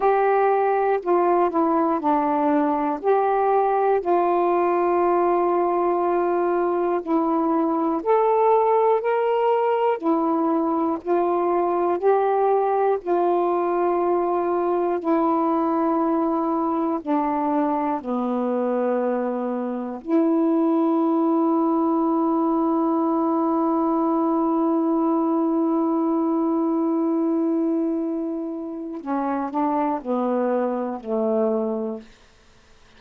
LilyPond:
\new Staff \with { instrumentName = "saxophone" } { \time 4/4 \tempo 4 = 60 g'4 f'8 e'8 d'4 g'4 | f'2. e'4 | a'4 ais'4 e'4 f'4 | g'4 f'2 e'4~ |
e'4 d'4 b2 | e'1~ | e'1~ | e'4 cis'8 d'8 b4 a4 | }